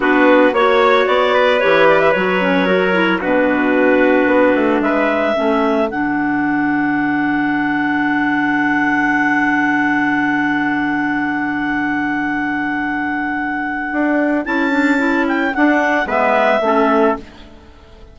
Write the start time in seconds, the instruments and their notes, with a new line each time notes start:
0.00 bassoon B3, clarinet D4 B4, trumpet F#4
0.52 bassoon A#3, clarinet F#4 C#5, trumpet C#5
1.06 bassoon B3, clarinet D5
1.34 trumpet B4
1.60 bassoon E3, clarinet G4 C#5
1.88 clarinet D5
1.99 clarinet E5
2.11 bassoon F#3, clarinet F#4 C#5
2.40 clarinet C#4
2.66 clarinet F#4, trumpet A#4
2.92 clarinet E4
3.21 bassoon B2, clarinet D4 B4, trumpet F#4
4.26 bassoon B3
4.54 bassoon A3
4.81 bassoon G#3, trumpet B4, clarinet E5
5.34 bassoon A3, clarinet C#4, trumpet A4
5.89 bassoon D3, clarinet D4 F#5
13.91 bassoon D4
14.45 bassoon C#4, clarinet E4 A5
14.70 clarinet D4
14.97 clarinet E4
15.27 clarinet G5
15.54 clarinet D4 F#5, bassoon D4
16.05 bassoon G#3, clarinet B3 E5, trumpet B4
16.60 bassoon A3, clarinet C#4, trumpet A4